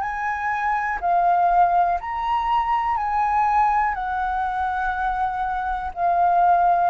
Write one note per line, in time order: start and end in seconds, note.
0.00 0.98 G#5
1.01 1.99 F5
2.00 2.96 A#5
2.96 3.94 G#5
3.94 5.91 F#5
5.94 6.90 F5